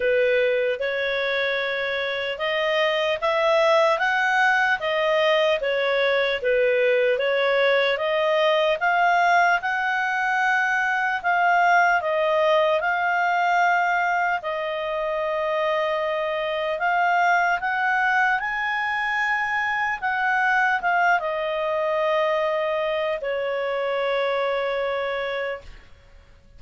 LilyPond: \new Staff \with { instrumentName = "clarinet" } { \time 4/4 \tempo 4 = 75 b'4 cis''2 dis''4 | e''4 fis''4 dis''4 cis''4 | b'4 cis''4 dis''4 f''4 | fis''2 f''4 dis''4 |
f''2 dis''2~ | dis''4 f''4 fis''4 gis''4~ | gis''4 fis''4 f''8 dis''4.~ | dis''4 cis''2. | }